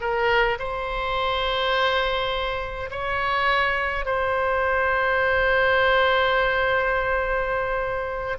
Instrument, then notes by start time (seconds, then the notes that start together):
oboe
0.00 A#4
0.59 C5
2.90 C#5
4.05 C5